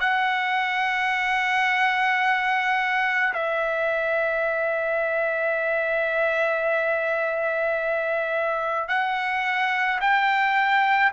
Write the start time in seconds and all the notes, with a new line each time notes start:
0.00 F#5
3.34 E5
8.89 F#5
10.01 G5